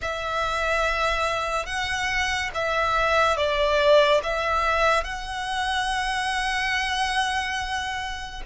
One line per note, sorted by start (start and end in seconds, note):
0.01 1.66 E5
1.66 2.50 F#5
2.54 3.36 E5
3.36 4.21 D5
4.23 5.04 E5
5.04 8.42 F#5